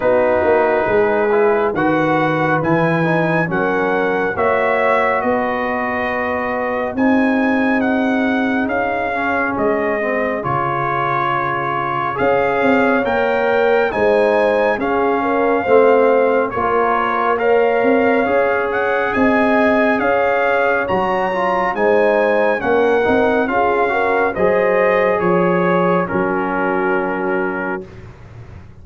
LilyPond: <<
  \new Staff \with { instrumentName = "trumpet" } { \time 4/4 \tempo 4 = 69 b'2 fis''4 gis''4 | fis''4 e''4 dis''2 | gis''4 fis''4 f''4 dis''4 | cis''2 f''4 g''4 |
gis''4 f''2 cis''4 | f''4. fis''8 gis''4 f''4 | ais''4 gis''4 fis''4 f''4 | dis''4 cis''4 ais'2 | }
  \new Staff \with { instrumentName = "horn" } { \time 4/4 fis'4 gis'4 b'2 | ais'4 cis''4 b'2 | gis'1~ | gis'2 cis''2 |
c''4 gis'8 ais'8 c''4 ais'4 | cis''2 dis''4 cis''4~ | cis''4 c''4 ais'4 gis'8 ais'8 | c''4 cis''4 fis'2 | }
  \new Staff \with { instrumentName = "trombone" } { \time 4/4 dis'4. e'8 fis'4 e'8 dis'8 | cis'4 fis'2. | dis'2~ dis'8 cis'4 c'8 | f'2 gis'4 ais'4 |
dis'4 cis'4 c'4 f'4 | ais'4 gis'2. | fis'8 f'8 dis'4 cis'8 dis'8 f'8 fis'8 | gis'2 cis'2 | }
  \new Staff \with { instrumentName = "tuba" } { \time 4/4 b8 ais8 gis4 dis4 e4 | fis4 ais4 b2 | c'2 cis'4 gis4 | cis2 cis'8 c'8 ais4 |
gis4 cis'4 a4 ais4~ | ais8 c'8 cis'4 c'4 cis'4 | fis4 gis4 ais8 c'8 cis'4 | fis4 f4 fis2 | }
>>